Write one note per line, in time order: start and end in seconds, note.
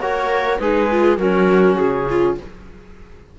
0.00 0.59 A#3
0.00 0.61 F#4
0.00 0.61 A#4
0.00 0.59 C#5
0.59 1.18 G#3
0.59 0.91 D#4
0.59 1.20 G#4
0.59 1.18 B4
0.92 1.18 F4
1.18 1.77 F#3
1.18 2.39 C#4
1.18 2.07 F#4
1.18 1.76 A#4
1.76 2.38 C#3
1.76 2.35 G#4
2.10 2.39 F4